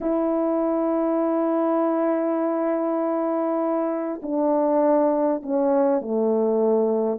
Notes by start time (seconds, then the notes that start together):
0.01 E4
4.22 D4
5.42 C#4
6.01 A3